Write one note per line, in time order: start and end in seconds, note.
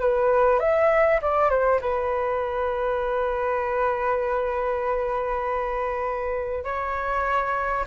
0.00 0.60 B4
0.60 1.20 E5
1.22 1.50 D5
1.50 1.80 C5
1.82 6.64 B4
6.64 7.86 C#5